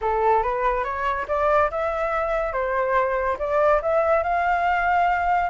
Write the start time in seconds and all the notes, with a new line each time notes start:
0.01 A4
0.42 B4
0.84 C#5
1.28 D5
1.70 E5
2.52 C5
3.39 D5
3.81 E5
4.23 F5